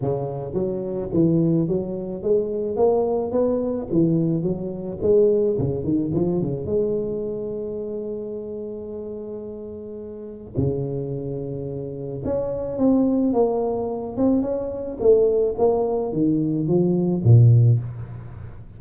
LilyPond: \new Staff \with { instrumentName = "tuba" } { \time 4/4 \tempo 4 = 108 cis4 fis4 e4 fis4 | gis4 ais4 b4 e4 | fis4 gis4 cis8 dis8 f8 cis8 | gis1~ |
gis2. cis4~ | cis2 cis'4 c'4 | ais4. c'8 cis'4 a4 | ais4 dis4 f4 ais,4 | }